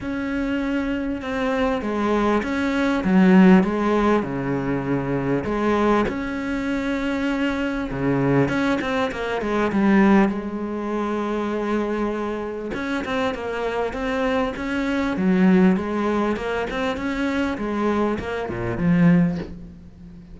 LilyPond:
\new Staff \with { instrumentName = "cello" } { \time 4/4 \tempo 4 = 99 cis'2 c'4 gis4 | cis'4 fis4 gis4 cis4~ | cis4 gis4 cis'2~ | cis'4 cis4 cis'8 c'8 ais8 gis8 |
g4 gis2.~ | gis4 cis'8 c'8 ais4 c'4 | cis'4 fis4 gis4 ais8 c'8 | cis'4 gis4 ais8 ais,8 f4 | }